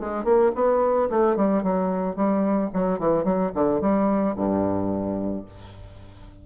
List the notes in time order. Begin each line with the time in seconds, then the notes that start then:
0.00 G#3
0.25 A#3
0.55 B3
1.10 A3
1.36 G3
1.63 F#3
2.16 G3
2.74 F#3
2.99 E3
3.25 F#3
3.55 D3
3.81 G3
4.36 G2